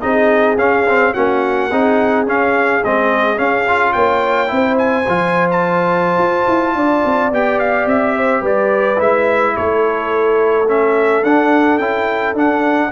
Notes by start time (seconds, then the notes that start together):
0.00 C4 D#4 G#4 D#5
0.58 C#4 F5
0.88 C4
1.13 A#3 C#4 F#4 F#5
1.68 C4 D#4 G#4
2.27 C#4 F5
2.84 G#3 C4 D#5
3.36 C#4 F5
3.68 F4
3.92 A#3 C#5 G5
4.47 C4 E4 C5
4.78 G#5
5.07 F3 F4
5.50 A5
6.18 F4
6.48 E4
6.75 D4 D5
7.05 C4
7.31 B3 G4 G5
7.59 F5
7.86 C4 E5
8.17 C5
8.41 G3 B4 D5
8.96 G#3 E4 E5
9.56 A3 A4 C#5
10.68 C#4 E5
11.23 D4 F#5
11.78 C#4 E4 G5
12.34 D4 F#5